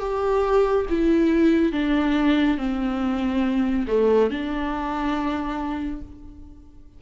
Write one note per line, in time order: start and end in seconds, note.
0.00 0.86 G4
0.90 1.72 E4
1.72 2.58 D4
2.58 3.86 C4
3.88 4.30 A3
4.30 6.02 D4